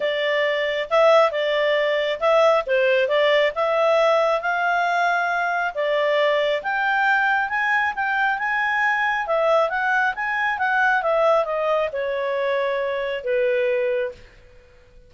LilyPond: \new Staff \with { instrumentName = "clarinet" } { \time 4/4 \tempo 4 = 136 d''2 e''4 d''4~ | d''4 e''4 c''4 d''4 | e''2 f''2~ | f''4 d''2 g''4~ |
g''4 gis''4 g''4 gis''4~ | gis''4 e''4 fis''4 gis''4 | fis''4 e''4 dis''4 cis''4~ | cis''2 b'2 | }